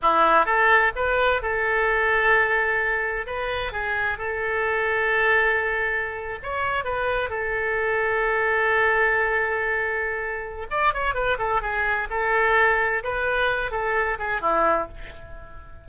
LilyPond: \new Staff \with { instrumentName = "oboe" } { \time 4/4 \tempo 4 = 129 e'4 a'4 b'4 a'4~ | a'2. b'4 | gis'4 a'2.~ | a'4.~ a'16 cis''4 b'4 a'16~ |
a'1~ | a'2. d''8 cis''8 | b'8 a'8 gis'4 a'2 | b'4. a'4 gis'8 e'4 | }